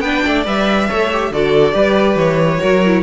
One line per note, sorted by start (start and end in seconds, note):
0.00 0.22 B3
0.00 0.46 D4
0.00 0.24 B4
0.00 0.44 G5
0.24 0.46 A3
0.24 0.88 D5
0.46 0.90 G3
0.46 0.89 B4
0.46 1.33 E5
0.88 1.31 A3
0.88 1.11 A4
0.88 1.31 C#5
1.12 1.33 G4
1.31 1.74 D3
1.31 1.73 F#4
1.31 1.75 A4
1.31 2.18 D5
1.73 2.16 G3
1.73 2.59 G4
1.73 2.60 B4
2.16 2.59 E3
2.16 3.04 C#5
2.59 3.04 F#3
2.59 2.80 F#4
2.59 3.04 A#4
2.86 3.04 E4